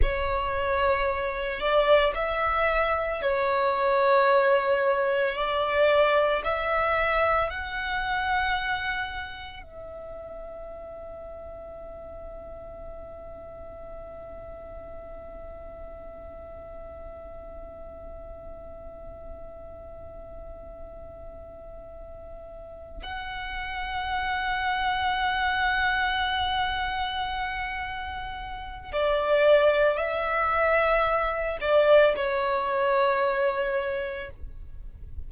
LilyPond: \new Staff \with { instrumentName = "violin" } { \time 4/4 \tempo 4 = 56 cis''4. d''8 e''4 cis''4~ | cis''4 d''4 e''4 fis''4~ | fis''4 e''2.~ | e''1~ |
e''1~ | e''4. fis''2~ fis''8~ | fis''2. d''4 | e''4. d''8 cis''2 | }